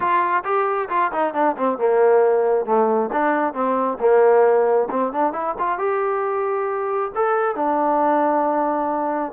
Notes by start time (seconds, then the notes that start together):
0.00 F4
0.44 G4
0.89 F4
1.12 D#4
1.34 D4
1.57 C4
1.78 A#3
2.65 A3
3.12 D4
3.53 C4
3.99 A#3
4.90 C4
5.12 D4
5.32 E4
5.59 F4
5.78 G4
7.15 A4
7.55 D4